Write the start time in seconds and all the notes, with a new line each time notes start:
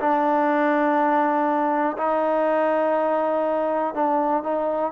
0.00 D4
1.98 D#4
3.95 D4
4.43 D#4